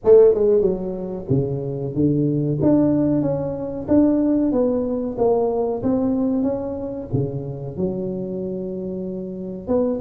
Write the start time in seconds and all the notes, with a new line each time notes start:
0.04 A3
0.34 G#3
0.61 F#3
1.29 C#3
1.94 D3
2.62 D4
3.21 C#4
3.88 D4
4.52 B3
5.18 A#3
5.82 C4
6.43 C#4
7.13 C#3
7.76 F#3
9.67 B3